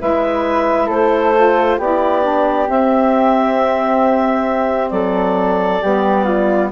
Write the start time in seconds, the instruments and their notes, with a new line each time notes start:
0.00 bassoon G#3, saxophone E4, flute B4, clarinet E5
0.87 bassoon A3, flute A4, clarinet C5
1.35 saxophone F4
1.78 bassoon B3, saxophone E4, flute G4, clarinet D5
2.22 saxophone D4
2.66 saxophone C4, bassoon C4, clarinet E5
4.89 bassoon F#3, flute A4, clarinet D5
5.82 bassoon G3, saxophone B3, flute G4
6.24 flute F4